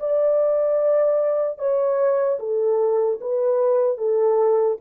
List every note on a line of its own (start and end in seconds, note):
0.00 1.59 D5
1.59 2.39 C#5
2.40 3.20 A4
3.21 3.97 B4
3.97 4.77 A4